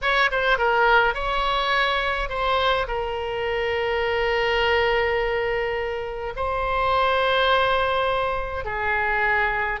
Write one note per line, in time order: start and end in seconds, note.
0.01 0.30 C#5
0.31 0.58 C5
0.58 1.14 A#4
1.14 2.29 C#5
2.29 2.86 C5
2.87 6.33 A#4
6.36 8.64 C5
8.64 9.80 G#4